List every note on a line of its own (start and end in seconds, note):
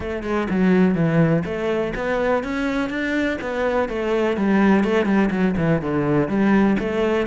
0.00 0.23 A3
0.23 0.47 G#3
0.50 0.94 F#3
0.94 1.43 E3
1.45 1.93 A3
1.95 2.43 B3
2.43 2.89 C#4
2.89 3.38 D4
3.41 3.88 B3
3.88 4.37 A3
4.37 4.84 G3
4.84 5.05 A3
5.05 5.29 G3
5.30 5.54 F#3
5.57 5.81 E3
5.81 6.28 D3
6.28 6.77 G3
6.79 7.26 A3